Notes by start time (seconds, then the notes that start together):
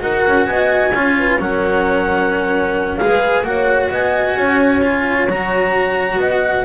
0.00 D#4 F#4 A#4 F#5
0.27 C#4
0.46 B3 D#5 G#5
0.94 C#4 F4 C#5
1.19 B4
1.39 F#3 C#4 A#4 F#5
2.97 G#3 G#4 B4 F5
3.43 A#3 F#4 C#5 F#5
3.90 B3 D#5 G#5
4.36 C#4 C#5
4.82 F4
5.27 F#3 F#4 A#5
6.17 B3 D#5 F#5